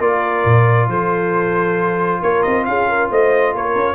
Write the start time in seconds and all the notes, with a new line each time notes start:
0.00 A#3 F4 A#4 D5
0.45 A#2
0.88 F3 A4 C5
2.21 A#3 A#4 C#5
2.43 C4 D#5
2.65 C#4 G#4 F5
2.89 A#4
3.10 A3 C5 D#5
3.54 A#3 A#4 C#5
3.75 C#4